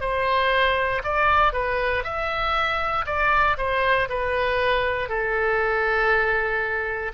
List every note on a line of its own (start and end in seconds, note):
0.00 1.02 C5
1.04 1.53 D5
1.53 2.03 B4
2.03 3.05 E5
3.06 3.57 D5
3.57 4.08 C5
4.09 5.08 B4
5.08 7.12 A4